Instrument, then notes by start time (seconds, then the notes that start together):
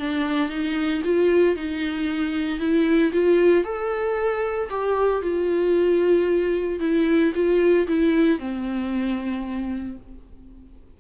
viola
0.00 D4
0.50 D#4
1.05 F4
1.56 D#4
2.60 E4
3.13 F4
3.65 A4
4.70 G4
5.22 F4
6.80 E4
7.35 F4
7.88 E4
8.39 C4